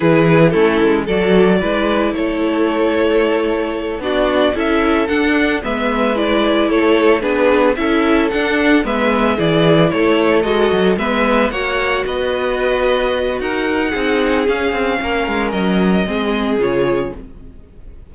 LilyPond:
<<
  \new Staff \with { instrumentName = "violin" } { \time 4/4 \tempo 4 = 112 b'4 a'4 d''2 | cis''2.~ cis''8 d''8~ | d''8 e''4 fis''4 e''4 d''8~ | d''8 cis''4 b'4 e''4 fis''8~ |
fis''8 e''4 d''4 cis''4 dis''8~ | dis''8 e''4 fis''4 dis''4.~ | dis''4 fis''2 f''4~ | f''4 dis''2 cis''4 | }
  \new Staff \with { instrumentName = "violin" } { \time 4/4 gis'4 e'4 a'4 b'4 | a'2.~ a'8 fis'8~ | fis'8 a'2 b'4.~ | b'8 a'4 gis'4 a'4.~ |
a'8 b'4 gis'4 a'4.~ | a'8 b'4 cis''4 b'4.~ | b'4 ais'4 gis'2 | ais'2 gis'2 | }
  \new Staff \with { instrumentName = "viola" } { \time 4/4 e'4 cis'4 fis'4 e'4~ | e'2.~ e'8 d'8~ | d'8 e'4 d'4 b4 e'8~ | e'4. d'4 e'4 d'8~ |
d'8 b4 e'2 fis'8~ | fis'8 b4 fis'2~ fis'8~ | fis'2 dis'4 cis'4~ | cis'2 c'4 f'4 | }
  \new Staff \with { instrumentName = "cello" } { \time 4/4 e4 a8 gis8 fis4 gis4 | a2.~ a8 b8~ | b8 cis'4 d'4 gis4.~ | gis8 a4 b4 cis'4 d'8~ |
d'8 gis4 e4 a4 gis8 | fis8 gis4 ais4 b4.~ | b4 dis'4 c'4 cis'8 c'8 | ais8 gis8 fis4 gis4 cis4 | }
>>